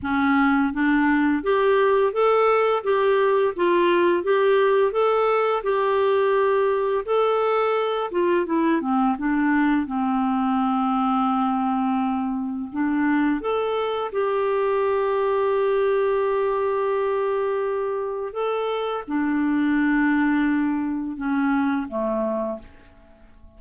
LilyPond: \new Staff \with { instrumentName = "clarinet" } { \time 4/4 \tempo 4 = 85 cis'4 d'4 g'4 a'4 | g'4 f'4 g'4 a'4 | g'2 a'4. f'8 | e'8 c'8 d'4 c'2~ |
c'2 d'4 a'4 | g'1~ | g'2 a'4 d'4~ | d'2 cis'4 a4 | }